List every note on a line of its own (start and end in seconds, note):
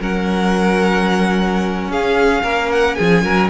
0.00 1.89 F#3
0.00 3.50 C#4
0.00 1.90 A#4
0.00 1.92 F#5
1.89 2.43 C#4
1.89 2.43 G#4
1.89 2.72 F5
2.43 2.98 A#3
2.43 2.97 A#4
2.72 2.95 F#5
2.95 3.23 F3
2.95 3.24 G#4
2.95 3.49 G#5
3.23 3.50 F#3
3.23 3.50 A#4